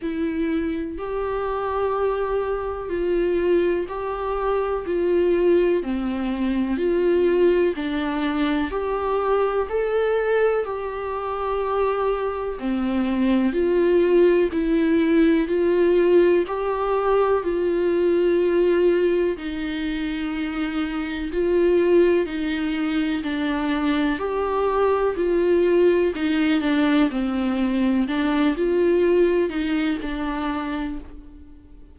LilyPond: \new Staff \with { instrumentName = "viola" } { \time 4/4 \tempo 4 = 62 e'4 g'2 f'4 | g'4 f'4 c'4 f'4 | d'4 g'4 a'4 g'4~ | g'4 c'4 f'4 e'4 |
f'4 g'4 f'2 | dis'2 f'4 dis'4 | d'4 g'4 f'4 dis'8 d'8 | c'4 d'8 f'4 dis'8 d'4 | }